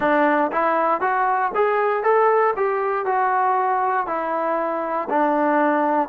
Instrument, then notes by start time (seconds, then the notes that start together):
trombone
0.00 D4
0.51 E4
1.00 F#4
1.54 G#4
2.03 A4
2.56 G4
3.05 F#4
4.06 E4
5.09 D4